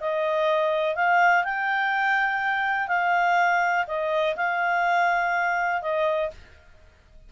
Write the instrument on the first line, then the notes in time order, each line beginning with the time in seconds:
clarinet
0.00 D#5
0.95 F5
1.44 G5
2.88 F5
3.87 D#5
4.36 F5
5.82 D#5